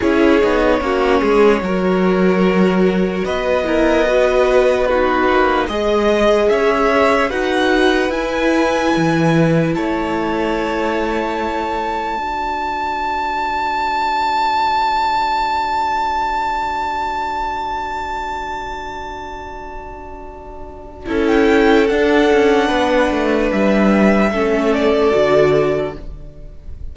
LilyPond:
<<
  \new Staff \with { instrumentName = "violin" } { \time 4/4 \tempo 4 = 74 cis''1 | dis''2 b'4 dis''4 | e''4 fis''4 gis''2 | a''1~ |
a''1~ | a''1~ | a''2~ a''16 g''8. fis''4~ | fis''4 e''4. d''4. | }
  \new Staff \with { instrumentName = "violin" } { \time 4/4 gis'4 fis'8 gis'8 ais'2 | b'8 ais'8 b'4 fis'4 dis''4 | cis''4 b'2. | cis''2. d''4~ |
d''1~ | d''1~ | d''2 a'2 | b'2 a'2 | }
  \new Staff \with { instrumentName = "viola" } { \time 4/4 e'8 dis'8 cis'4 fis'2~ | fis'8 e'8 fis'4 dis'4 gis'4~ | gis'4 fis'4 e'2~ | e'2. fis'4~ |
fis'1~ | fis'1~ | fis'2 e'4 d'4~ | d'2 cis'4 fis'4 | }
  \new Staff \with { instrumentName = "cello" } { \time 4/4 cis'8 b8 ais8 gis8 fis2 | b2~ b8 ais8 gis4 | cis'4 dis'4 e'4 e4 | a2. d'4~ |
d'1~ | d'1~ | d'2 cis'4 d'8 cis'8 | b8 a8 g4 a4 d4 | }
>>